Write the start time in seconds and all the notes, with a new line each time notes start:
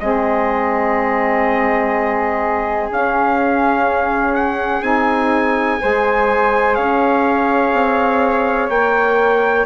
0.00 G#3 C4 G#4 D#5
2.90 C#4 F5
4.35 F#5
4.82 C4 D#4 G#5
5.81 G#3 G#4 C5
6.75 C#4 C#5 F5
7.73 C4
8.69 A#3 A#4 G5